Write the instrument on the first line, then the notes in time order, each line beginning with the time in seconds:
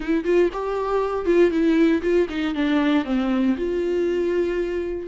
viola
0.00 E4
0.24 F4
0.52 G4
1.25 F4
1.50 E4
2.02 F4
2.29 D#4
2.54 D4
3.05 C4
3.57 F4